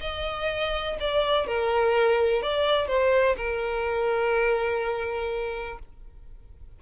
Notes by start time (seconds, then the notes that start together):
0.00 D#5
0.99 D5
1.46 A#4
2.42 D5
2.87 C5
3.36 A#4